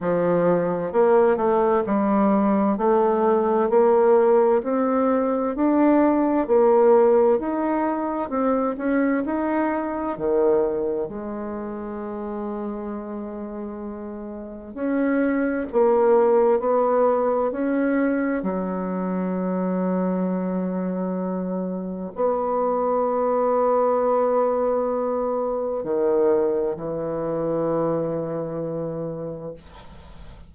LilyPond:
\new Staff \with { instrumentName = "bassoon" } { \time 4/4 \tempo 4 = 65 f4 ais8 a8 g4 a4 | ais4 c'4 d'4 ais4 | dis'4 c'8 cis'8 dis'4 dis4 | gis1 |
cis'4 ais4 b4 cis'4 | fis1 | b1 | dis4 e2. | }